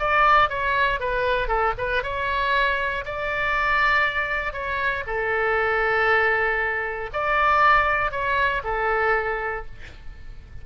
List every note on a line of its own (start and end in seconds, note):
0.00 0.50 D5
0.50 1.00 C#5
1.00 1.48 B4
1.48 1.74 A4
1.78 2.03 B4
2.03 3.05 C#5
3.05 4.53 D5
4.53 5.04 C#5
5.07 7.10 A4
7.13 8.12 D5
8.12 8.63 C#5
8.64 9.66 A4